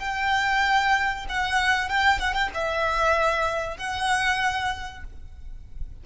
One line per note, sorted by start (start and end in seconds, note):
0.00 1.26 G5
1.29 1.89 F#5
1.89 2.20 G5
2.20 2.34 F#5
2.34 2.50 G5
2.55 3.78 E5
3.78 5.04 F#5